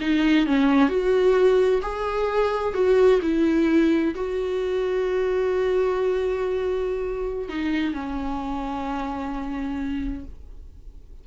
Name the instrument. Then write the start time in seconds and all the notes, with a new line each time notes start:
viola
0.00 D#4
0.46 C#4
0.89 F#4
1.81 G#4
2.74 F#4
3.22 E4
4.15 F#4
7.49 D#4
7.93 C#4